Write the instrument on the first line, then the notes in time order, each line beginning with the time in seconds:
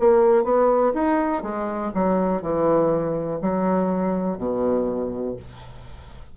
bassoon
0.00 A#3
0.44 B3
0.94 D#4
1.43 G#3
1.94 F#3
2.42 E3
3.42 F#3
4.38 B2